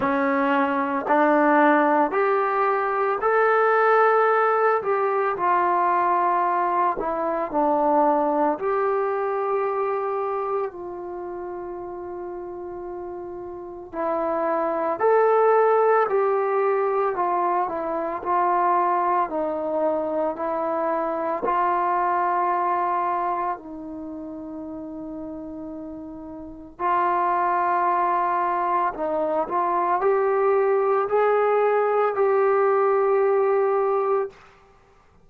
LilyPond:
\new Staff \with { instrumentName = "trombone" } { \time 4/4 \tempo 4 = 56 cis'4 d'4 g'4 a'4~ | a'8 g'8 f'4. e'8 d'4 | g'2 f'2~ | f'4 e'4 a'4 g'4 |
f'8 e'8 f'4 dis'4 e'4 | f'2 dis'2~ | dis'4 f'2 dis'8 f'8 | g'4 gis'4 g'2 | }